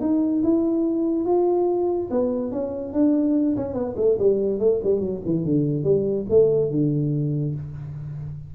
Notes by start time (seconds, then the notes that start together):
0.00 D#4
0.43 E4
1.25 F4
2.10 B3
2.51 C#4
2.93 D4
3.56 C#4
3.73 B3
3.96 A3
4.18 G3
4.59 A3
4.83 G3
4.99 F#3
5.25 E3
5.45 D3
5.83 G3
6.29 A3
6.71 D3